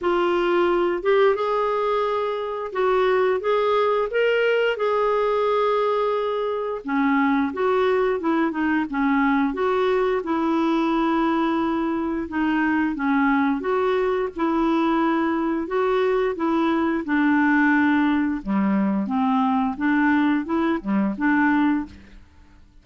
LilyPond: \new Staff \with { instrumentName = "clarinet" } { \time 4/4 \tempo 4 = 88 f'4. g'8 gis'2 | fis'4 gis'4 ais'4 gis'4~ | gis'2 cis'4 fis'4 | e'8 dis'8 cis'4 fis'4 e'4~ |
e'2 dis'4 cis'4 | fis'4 e'2 fis'4 | e'4 d'2 g4 | c'4 d'4 e'8 g8 d'4 | }